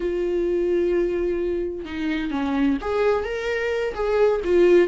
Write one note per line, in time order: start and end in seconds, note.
0.00 1.85 F4
1.85 2.30 D#4
2.30 2.77 C#4
2.81 3.24 G#4
3.24 3.94 A#4
3.94 4.41 G#4
4.44 4.88 F4